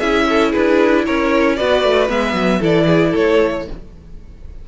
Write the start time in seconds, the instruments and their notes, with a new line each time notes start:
0.00 cello C#4, viola E4, violin G#4 E5
0.29 violin A4
0.52 cello D4, violin G#4 B4
1.06 cello C#4, violin A#4 C#5
1.56 cello B3, viola F#4, violin B4 D5
1.83 cello A3
2.08 cello G#3, viola B3, violin E5
2.33 cello F#3
2.60 cello E3, viola E4, violin A4 D5
2.87 violin G#4
3.11 cello A3, violin A4 C#5